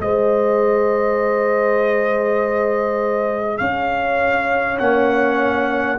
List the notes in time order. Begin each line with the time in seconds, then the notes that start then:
0.00 G#3 G#4 C5 D#5
3.58 C#4 C#5 F5
4.78 A#3 C#4 F#5